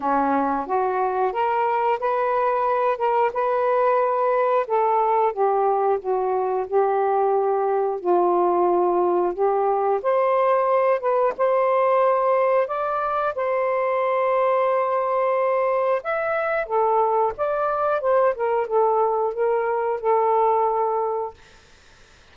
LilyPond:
\new Staff \with { instrumentName = "saxophone" } { \time 4/4 \tempo 4 = 90 cis'4 fis'4 ais'4 b'4~ | b'8 ais'8 b'2 a'4 | g'4 fis'4 g'2 | f'2 g'4 c''4~ |
c''8 b'8 c''2 d''4 | c''1 | e''4 a'4 d''4 c''8 ais'8 | a'4 ais'4 a'2 | }